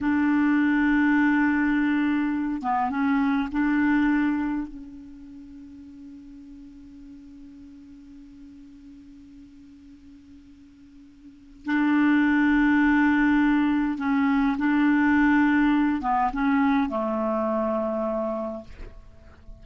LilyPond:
\new Staff \with { instrumentName = "clarinet" } { \time 4/4 \tempo 4 = 103 d'1~ | d'8 b8 cis'4 d'2 | cis'1~ | cis'1~ |
cis'1 | d'1 | cis'4 d'2~ d'8 b8 | cis'4 a2. | }